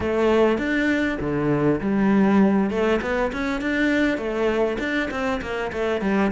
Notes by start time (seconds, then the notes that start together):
0.00 A3
0.58 D4
1.20 D3
1.80 G3
2.70 A3
3.01 B3
3.32 C#4
3.61 D4
4.17 A3
4.79 D4
5.10 C4
5.41 A#3
5.72 A3
6.01 G3